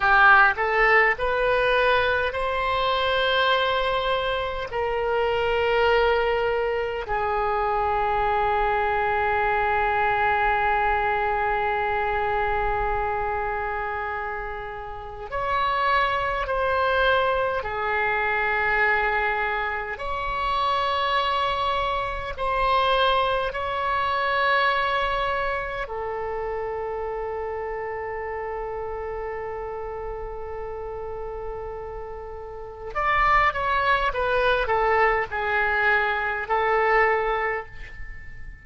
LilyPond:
\new Staff \with { instrumentName = "oboe" } { \time 4/4 \tempo 4 = 51 g'8 a'8 b'4 c''2 | ais'2 gis'2~ | gis'1~ | gis'4 cis''4 c''4 gis'4~ |
gis'4 cis''2 c''4 | cis''2 a'2~ | a'1 | d''8 cis''8 b'8 a'8 gis'4 a'4 | }